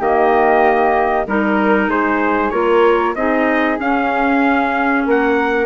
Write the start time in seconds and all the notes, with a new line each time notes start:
0.00 D#3 A#3 G4 D#5
1.26 G3 D#4 A#4
1.88 G#3 G#4 C5
2.50 A#3 F4 A#4 C#5
3.15 C4 D#4 G#4 D#5
3.79 C#4 F5
5.06 A#3 A#4 F#5